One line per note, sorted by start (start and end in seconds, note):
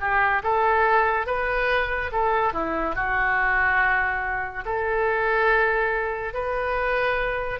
0.00 0.42 G4
0.43 1.26 A4
1.26 2.11 B4
2.12 2.53 A4
2.53 2.95 E4
2.95 4.64 F#4
4.65 6.33 A4
6.33 7.59 B4